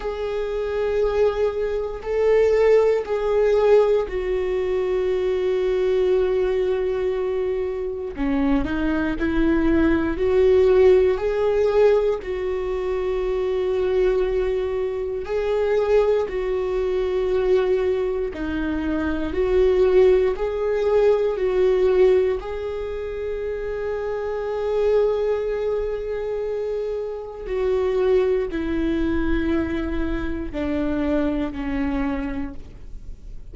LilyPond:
\new Staff \with { instrumentName = "viola" } { \time 4/4 \tempo 4 = 59 gis'2 a'4 gis'4 | fis'1 | cis'8 dis'8 e'4 fis'4 gis'4 | fis'2. gis'4 |
fis'2 dis'4 fis'4 | gis'4 fis'4 gis'2~ | gis'2. fis'4 | e'2 d'4 cis'4 | }